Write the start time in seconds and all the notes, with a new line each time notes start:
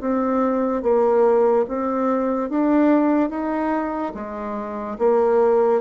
0.00 C4
0.82 A#3
1.67 C4
2.50 D4
3.30 D#4
4.14 G#3
4.98 A#3